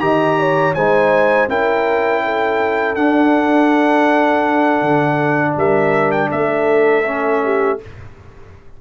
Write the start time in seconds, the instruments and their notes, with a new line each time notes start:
0.00 tuba D#3, trombone G4, horn D#5, trumpet A#5
0.40 horn C#5
0.74 tuba G#3, trombone D#4, horn C5, trumpet G#5
1.48 tuba C#4, trombone E4, horn A#4, trumpet G5
2.25 horn A4
2.95 trombone D4, tuba D4, trumpet F#5
4.82 tuba D3
5.57 tuba G3, horn A#4, trumpet E5
6.11 trumpet G5
6.30 tuba A3, horn A4, trumpet E5
7.04 trombone C#4
7.44 horn G4